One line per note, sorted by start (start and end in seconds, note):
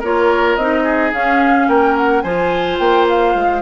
0.00 0.57 A#3
0.00 0.59 F4
0.00 0.83 A#4
0.00 0.57 C#5
0.57 1.13 C4
0.57 1.13 D#4
0.57 1.12 D#5
0.84 1.67 G#4
1.13 1.68 C#4
1.13 2.24 C#4
1.13 1.69 F5
1.68 2.24 A#3
1.68 2.24 A#4
1.68 1.97 G5
1.98 2.22 F#5
2.22 2.80 F3
2.22 3.62 F4
2.22 3.62 C5
2.22 2.78 G#5
2.79 3.35 A#3
2.79 3.07 G5
3.09 3.62 F5
3.35 3.62 G#3